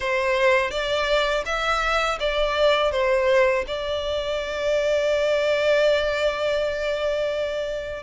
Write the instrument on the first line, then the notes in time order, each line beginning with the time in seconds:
violin
0.00 C5
0.71 D5
1.45 E5
2.19 D5
2.91 C5
3.67 D5